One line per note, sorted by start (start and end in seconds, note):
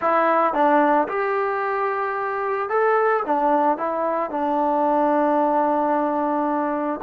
0.01 0.53 E4
0.53 1.07 D4
1.08 2.69 G4
2.69 3.23 A4
3.25 3.77 D4
3.77 4.30 E4
4.30 7.00 D4